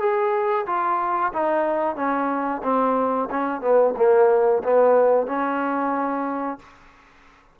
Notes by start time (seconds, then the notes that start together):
0.00 G#4
0.67 F4
1.33 D#4
1.96 C#4
2.63 C4
3.30 C#4
3.61 B3
3.97 A#3
4.64 B3
5.27 C#4